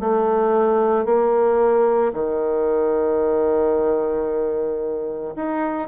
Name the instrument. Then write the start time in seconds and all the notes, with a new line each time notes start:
bassoon
0.00 A3
1.05 A#3
2.13 D#3
5.35 D#4